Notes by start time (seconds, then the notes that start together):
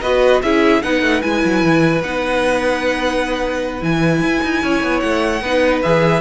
0.00 B3 F#4 B4 D#5
0.42 C#4 E4 G#4 E5
0.82 B3 D#4 B4 F#5
1.02 A3
1.21 G#3 E4 G#5
1.44 F#3
1.63 E3
2.02 B3 D#4 F#5
3.80 E3 E4 G#5
4.22 E4
4.43 D#4
4.63 C#4 C#5
4.83 B3
5.00 A3 F#5
5.41 B3 D#4 B4
5.82 E3 G#4 E5